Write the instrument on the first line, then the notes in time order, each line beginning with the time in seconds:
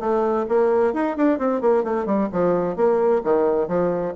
bassoon
0.00 A3
0.49 A#3
0.94 D#4
1.17 D4
1.39 C4
1.61 A#3
1.84 A3
2.06 G3
2.32 F3
2.76 A#3
3.24 D#3
3.68 F3